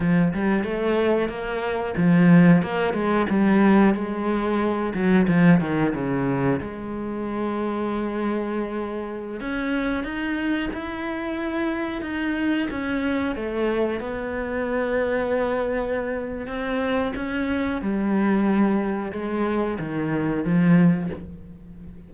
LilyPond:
\new Staff \with { instrumentName = "cello" } { \time 4/4 \tempo 4 = 91 f8 g8 a4 ais4 f4 | ais8 gis8 g4 gis4. fis8 | f8 dis8 cis4 gis2~ | gis2~ gis16 cis'4 dis'8.~ |
dis'16 e'2 dis'4 cis'8.~ | cis'16 a4 b2~ b8.~ | b4 c'4 cis'4 g4~ | g4 gis4 dis4 f4 | }